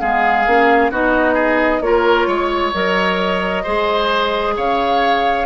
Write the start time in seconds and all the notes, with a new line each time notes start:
0.00 G#3 B3 G#4 F5
0.47 A#3 C#4
0.91 B3 D#4 F#4 D#5
1.34 G#4
1.81 A#3 F4 A#4 C#5
2.27 G#3 C#5
2.74 F#3 A#4 D#5
3.63 G#3 G#4 C5
4.56 C#3 C#5 F5